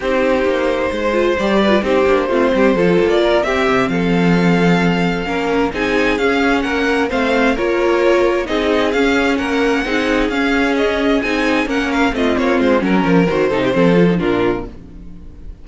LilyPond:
<<
  \new Staff \with { instrumentName = "violin" } { \time 4/4 \tempo 4 = 131 c''2. d''4 | c''2~ c''8. d''8. e''8~ | e''8 f''2.~ f''8~ | f''8 gis''4 f''4 fis''4 f''8~ |
f''8 cis''2 dis''4 f''8~ | f''8 fis''2 f''4 dis''8~ | dis''8 gis''4 fis''8 f''8 dis''8 cis''8 c''8 | ais'4 c''2 ais'4 | }
  \new Staff \with { instrumentName = "violin" } { \time 4/4 g'2 c''4. b'8 | g'4 f'8 g'8 a'4 ais'8 g'8~ | g'8 a'2. ais'8~ | ais'8 gis'2 ais'4 c''8~ |
c''8 ais'2 gis'4.~ | gis'8 ais'4 gis'2~ gis'8~ | gis'4. ais'4 f'4. | ais'4. a'16 g'16 a'4 f'4 | }
  \new Staff \with { instrumentName = "viola" } { \time 4/4 dis'2~ dis'8 f'8 g'8. f'16 | dis'8 d'8 c'4 f'4. c'8~ | c'2.~ c'8 cis'8~ | cis'8 dis'4 cis'2 c'8~ |
c'8 f'2 dis'4 cis'8~ | cis'4. dis'4 cis'4.~ | cis'8 dis'4 cis'4 c'4. | cis'4 fis'8 dis'8 c'8 f'16 dis'16 d'4 | }
  \new Staff \with { instrumentName = "cello" } { \time 4/4 c'4 ais4 gis4 g4 | c'8 ais8 a8 g8 f8 ais4 c'8 | c8 f2. ais8~ | ais8 c'4 cis'4 ais4 a8~ |
a8 ais2 c'4 cis'8~ | cis'8 ais4 c'4 cis'4.~ | cis'8 c'4 ais4 a8 ais8 gis8 | fis8 f8 dis8 c8 f4 ais,4 | }
>>